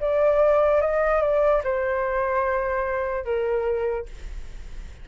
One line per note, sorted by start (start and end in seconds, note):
0.00 0.81 D5
0.81 1.21 D#5
1.21 1.62 D5
1.64 3.24 C5
3.24 4.05 A#4